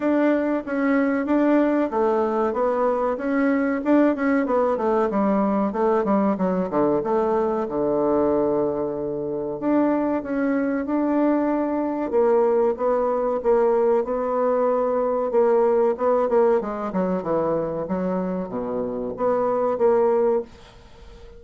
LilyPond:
\new Staff \with { instrumentName = "bassoon" } { \time 4/4 \tempo 4 = 94 d'4 cis'4 d'4 a4 | b4 cis'4 d'8 cis'8 b8 a8 | g4 a8 g8 fis8 d8 a4 | d2. d'4 |
cis'4 d'2 ais4 | b4 ais4 b2 | ais4 b8 ais8 gis8 fis8 e4 | fis4 b,4 b4 ais4 | }